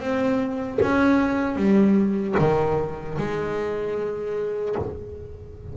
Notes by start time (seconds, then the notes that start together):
0.00 C4
0.82 C#4
1.56 G3
2.39 D#3
3.18 G#3